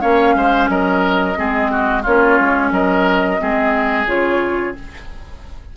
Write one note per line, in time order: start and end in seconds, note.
0.00 0.35 A#3
0.00 1.35 C#4
0.00 0.35 C#5
0.00 0.68 F5
0.35 0.68 G#3
0.35 0.70 C5
0.68 1.36 F#3
0.68 1.38 A#4
0.68 2.03 D#5
1.36 2.06 G#3
1.36 2.03 C4
1.36 1.71 G#4
1.71 2.02 F#4
2.02 2.39 A#3
2.02 3.38 C#4
2.02 2.70 F4
2.02 2.72 C#5
2.40 2.71 G#3
2.71 3.38 F#3
2.71 3.40 A#4
2.71 4.07 D#5
3.38 4.06 G#3
3.38 4.06 C4
3.38 4.76 G#4
4.06 4.73 C#3
4.06 4.74 F4
4.06 4.75 C#5